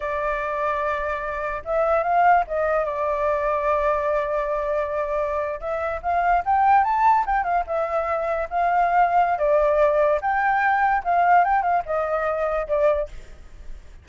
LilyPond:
\new Staff \with { instrumentName = "flute" } { \time 4/4 \tempo 4 = 147 d''1 | e''4 f''4 dis''4 d''4~ | d''1~ | d''4.~ d''16 e''4 f''4 g''16~ |
g''8. a''4 g''8 f''8 e''4~ e''16~ | e''8. f''2~ f''16 d''4~ | d''4 g''2 f''4 | g''8 f''8 dis''2 d''4 | }